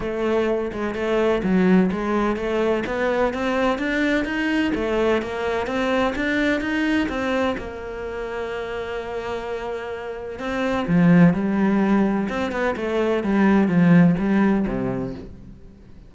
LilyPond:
\new Staff \with { instrumentName = "cello" } { \time 4/4 \tempo 4 = 127 a4. gis8 a4 fis4 | gis4 a4 b4 c'4 | d'4 dis'4 a4 ais4 | c'4 d'4 dis'4 c'4 |
ais1~ | ais2 c'4 f4 | g2 c'8 b8 a4 | g4 f4 g4 c4 | }